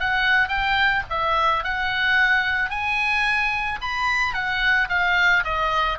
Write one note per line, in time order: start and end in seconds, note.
0.00 0.48 F#5
0.48 1.03 G5
1.10 1.64 E5
1.64 2.70 F#5
2.70 3.79 G#5
3.82 4.34 B5
4.34 4.88 F#5
4.89 5.44 F5
5.44 5.99 D#5